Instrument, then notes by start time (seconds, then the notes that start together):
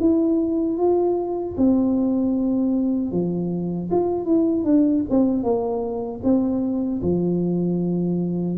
tuba
0.00 E4
0.78 F4
1.57 C4
3.11 F3
3.91 F4
4.25 E4
4.64 D4
5.10 C4
5.43 A#3
6.24 C4
7.02 F3